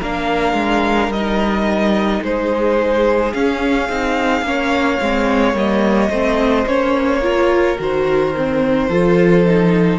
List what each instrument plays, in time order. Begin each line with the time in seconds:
0.00 cello A#3, viola D4, violin A#4 F5
0.53 cello G#3
1.09 cello G3, viola D#4, violin D#5
2.23 cello G#3, violin G#4 C5
3.34 viola C#4, cello C#4, violin F5
3.89 cello C4, viola D#4
4.42 cello A#3, viola C#4, violin C#5
5.01 cello G#3, viola C4
5.54 cello G3, viola A#3, violin D#5
6.10 cello A3, viola C4, violin C5
6.67 cello A#3, viola C#4, violin C#5
7.22 viola F4, violin A#4
7.78 cello D#3, viola F#4, violin C5
8.37 viola C4
8.89 cello F3, viola F4, violin A4
9.46 viola D#4